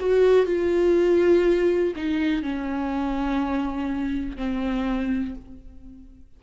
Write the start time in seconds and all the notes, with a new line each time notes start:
0.00 F#4
0.46 F4
1.96 D#4
2.43 C#4
4.37 C4